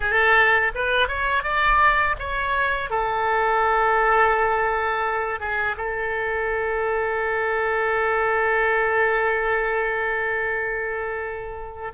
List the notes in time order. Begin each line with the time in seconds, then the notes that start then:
0.00 A4
0.74 B4
1.08 C#5
1.43 D5
2.19 C#5
2.89 A4
5.40 G#4
5.77 A4